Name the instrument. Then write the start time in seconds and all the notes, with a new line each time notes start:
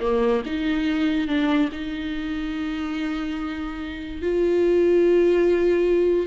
viola
0.00 A#3
0.45 D#4
1.27 D4
1.71 D#4
4.21 F4